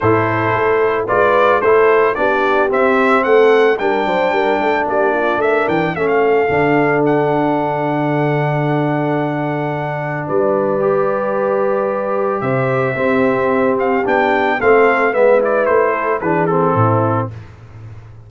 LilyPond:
<<
  \new Staff \with { instrumentName = "trumpet" } { \time 4/4 \tempo 4 = 111 c''2 d''4 c''4 | d''4 e''4 fis''4 g''4~ | g''4 d''4 e''8 g''8 e''16 f''8.~ | f''4 fis''2.~ |
fis''2. d''4~ | d''2. e''4~ | e''4. f''8 g''4 f''4 | e''8 d''8 c''4 b'8 a'4. | }
  \new Staff \with { instrumentName = "horn" } { \time 4/4 a'2 b'4 a'4 | g'2 a'4 ais'8 c''8 | ais'8 a'8 g'8 f'8 ais'4 a'4~ | a'1~ |
a'2. b'4~ | b'2. c''4 | g'2. a'4 | b'4. a'8 gis'4 e'4 | }
  \new Staff \with { instrumentName = "trombone" } { \time 4/4 e'2 f'4 e'4 | d'4 c'2 d'4~ | d'2. cis'4 | d'1~ |
d'1 | g'1 | c'2 d'4 c'4 | b8 e'4. d'8 c'4. | }
  \new Staff \with { instrumentName = "tuba" } { \time 4/4 a,4 a4 gis4 a4 | b4 c'4 a4 g8 fis8 | g8 a8 ais4 a8 e8 a4 | d1~ |
d2. g4~ | g2. c4 | c'2 b4 a4 | gis4 a4 e4 a,4 | }
>>